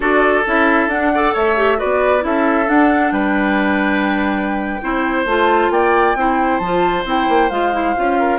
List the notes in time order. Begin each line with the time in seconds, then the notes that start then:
0.00 D4 F#4 A4 D5
0.46 C#4 E4 E5
0.87 D4 F#5
1.14 A4 D5
1.33 A3 C#5 E5
1.57 G4
1.77 F#4 B4 D5
1.83 B3
2.20 C#4 E4 A4 E5
2.67 D4 F#5
3.11 G3 B4 G5
4.81 C4 E4 C5
5.25 A3 F4 A5
5.69 A#3 D5 G5
6.15 C4 E4 C5
6.58 F3 F4 A5
7.04 C4 E4 G5
7.29 A#3
7.49 G#3 F4 F5
7.72 E4
7.95 C#4 F4
8.19 A#4